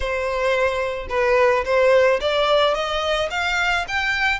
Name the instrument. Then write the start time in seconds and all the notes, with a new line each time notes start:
violin
0.00 C5
1.09 B4
1.65 C5
2.20 D5
2.74 D#5
3.30 F5
3.88 G5